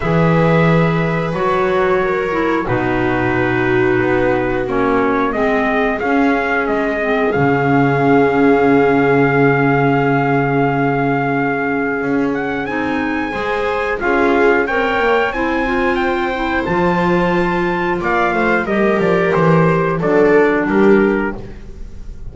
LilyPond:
<<
  \new Staff \with { instrumentName = "trumpet" } { \time 4/4 \tempo 4 = 90 e''2 cis''2 | b'2. cis''4 | dis''4 f''4 dis''4 f''4~ | f''1~ |
f''2~ f''8 fis''8 gis''4~ | gis''4 f''4 g''4 gis''4 | g''4 a''2 f''4 | dis''8 d''8 c''4 d''4 ais'4 | }
  \new Staff \with { instrumentName = "viola" } { \time 4/4 b'2. ais'4 | fis'1 | gis'1~ | gis'1~ |
gis'1 | c''4 gis'4 cis''4 c''4~ | c''2. d''8 c''8 | ais'2 a'4 g'4 | }
  \new Staff \with { instrumentName = "clarinet" } { \time 4/4 gis'2 fis'4. e'8 | dis'2. cis'4 | c'4 cis'4. c'8 cis'4~ | cis'1~ |
cis'2. dis'4 | gis'4 f'4 ais'4 e'8 f'8~ | f'8 e'8 f'2. | g'2 d'2 | }
  \new Staff \with { instrumentName = "double bass" } { \time 4/4 e2 fis2 | b,2 b4 ais4 | gis4 cis'4 gis4 cis4~ | cis1~ |
cis2 cis'4 c'4 | gis4 cis'4 c'8 ais8 c'4~ | c'4 f2 ais8 a8 | g8 f8 e4 fis4 g4 | }
>>